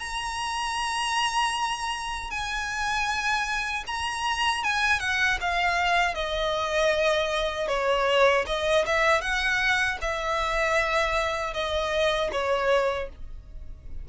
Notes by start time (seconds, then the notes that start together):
0.00 A#5
2.30 G#5
3.87 A#5
4.64 G#5
5.00 F#5
5.41 F5
6.15 D#5
7.68 C#5
8.47 D#5
8.86 E5
9.21 F#5
10.01 E5
11.53 D#5
12.32 C#5